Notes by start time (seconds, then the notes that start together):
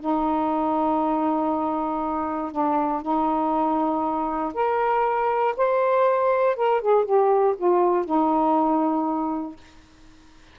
0.00 D#4
2.52 D4
3.02 D#4
4.54 A#4
5.57 C5
6.56 A#4
6.81 G#4
7.05 G4
7.57 F4
8.05 D#4